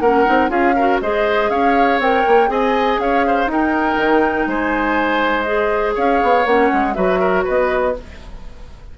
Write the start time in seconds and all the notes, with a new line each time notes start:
0.00 A#3 C#4 A#4 F#5
0.25 C4 D#4
0.49 C#4 F4 G#4 F5
0.76 F#4 A#4
1.01 G#3 G#4 C5 D#5
1.49 C#4 C#5 F5
1.99 C4 A#4 G5
2.27 A#3
2.47 C4 G#4 D#5 G#5
2.98 C#4 C#5 F5
3.26 C5
3.46 D#4 A#4 G5
3.97 D#3
4.46 G#3 C5 G#5
5.43 G#4 D#5
5.95 C#4 C#5 F5
6.22 B3
6.45 A#3 C#4 F#5
6.73 G#3
6.94 F#3 F#4 B4 E5
7.20 A#4
7.44 B3 B4 D#5